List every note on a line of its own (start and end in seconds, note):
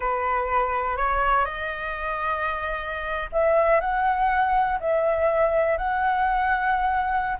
0.00 0.96 B4
0.96 1.45 C#5
1.45 3.29 D#5
3.32 3.80 E5
3.80 4.78 F#5
4.80 5.77 E5
5.77 7.37 F#5